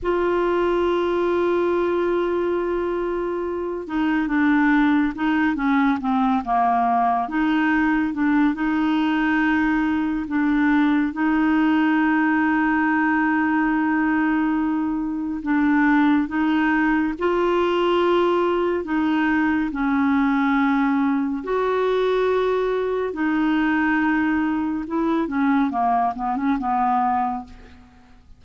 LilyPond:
\new Staff \with { instrumentName = "clarinet" } { \time 4/4 \tempo 4 = 70 f'1~ | f'8 dis'8 d'4 dis'8 cis'8 c'8 ais8~ | ais8 dis'4 d'8 dis'2 | d'4 dis'2.~ |
dis'2 d'4 dis'4 | f'2 dis'4 cis'4~ | cis'4 fis'2 dis'4~ | dis'4 e'8 cis'8 ais8 b16 cis'16 b4 | }